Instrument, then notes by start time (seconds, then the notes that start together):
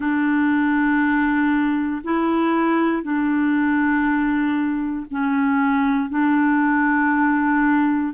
clarinet
0.00 D4
2.03 E4
3.02 D4
5.11 C#4
6.09 D4